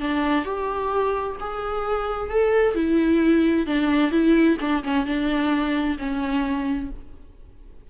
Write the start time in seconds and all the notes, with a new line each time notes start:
0.00 D4
0.45 G4
1.40 G#4
2.30 A4
2.75 E4
3.66 D4
4.11 E4
4.60 D4
4.83 C#4
5.06 D4
5.99 C#4